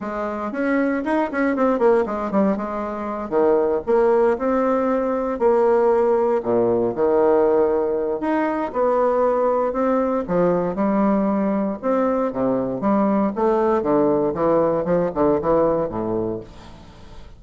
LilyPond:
\new Staff \with { instrumentName = "bassoon" } { \time 4/4 \tempo 4 = 117 gis4 cis'4 dis'8 cis'8 c'8 ais8 | gis8 g8 gis4. dis4 ais8~ | ais8 c'2 ais4.~ | ais8 ais,4 dis2~ dis8 |
dis'4 b2 c'4 | f4 g2 c'4 | c4 g4 a4 d4 | e4 f8 d8 e4 a,4 | }